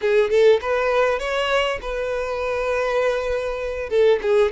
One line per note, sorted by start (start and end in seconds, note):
0.01 0.29 G#4
0.29 0.59 A4
0.61 1.19 B4
1.19 1.79 C#5
1.81 3.89 B4
3.89 4.19 A4
4.21 4.51 G#4